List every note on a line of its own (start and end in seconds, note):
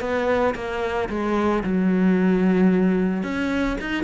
0.00 0.54 B3
0.55 1.09 A#3
1.09 1.63 G#3
1.63 3.23 F#3
3.23 3.77 C#4
3.80 4.03 D#4